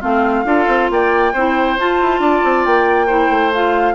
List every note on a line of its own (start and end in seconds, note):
0.00 0.44 A3
0.00 0.45 C4
0.00 0.44 F4
0.00 0.90 F5
0.44 0.66 D4
0.44 1.32 F4
0.44 0.90 A4
0.68 0.89 C4
0.90 1.33 A#3
0.90 1.33 D5
0.90 1.79 G5
1.33 1.77 C4
1.33 1.78 E4
1.33 2.20 C5
1.78 3.08 F4
1.78 2.00 F4
1.78 2.65 A5
2.00 2.19 E4
2.19 2.41 D4
2.19 3.06 D5
2.44 2.66 C4
2.65 3.30 A#3
2.65 3.52 G5
3.06 3.52 E4
3.06 3.94 C5
3.30 3.95 A3
3.53 3.95 F4
3.53 3.95 F5